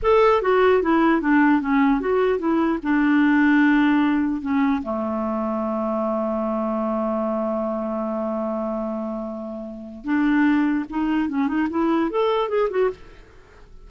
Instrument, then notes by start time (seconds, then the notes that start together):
clarinet
0.02 A4
0.42 F#4
0.82 E4
1.21 D4
1.61 C#4
2.00 F#4
2.38 E4
2.82 D4
4.41 C#4
4.82 A3
10.04 D4
10.89 D#4
11.28 C#4
11.47 D#4
11.70 E4
12.10 A4
12.48 G#4
12.70 F#4